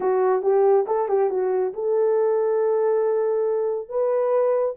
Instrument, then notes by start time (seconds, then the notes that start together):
horn
0.00 F#4
0.42 G4
0.87 A4
1.08 G4
1.30 F#4
1.73 A4
3.88 B4